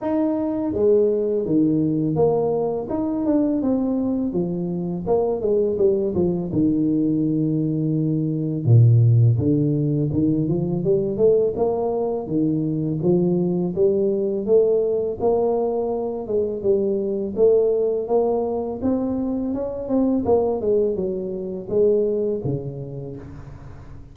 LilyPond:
\new Staff \with { instrumentName = "tuba" } { \time 4/4 \tempo 4 = 83 dis'4 gis4 dis4 ais4 | dis'8 d'8 c'4 f4 ais8 gis8 | g8 f8 dis2. | ais,4 d4 dis8 f8 g8 a8 |
ais4 dis4 f4 g4 | a4 ais4. gis8 g4 | a4 ais4 c'4 cis'8 c'8 | ais8 gis8 fis4 gis4 cis4 | }